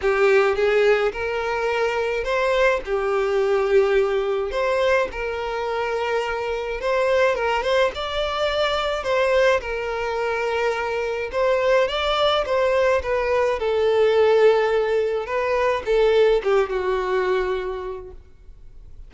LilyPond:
\new Staff \with { instrumentName = "violin" } { \time 4/4 \tempo 4 = 106 g'4 gis'4 ais'2 | c''4 g'2. | c''4 ais'2. | c''4 ais'8 c''8 d''2 |
c''4 ais'2. | c''4 d''4 c''4 b'4 | a'2. b'4 | a'4 g'8 fis'2~ fis'8 | }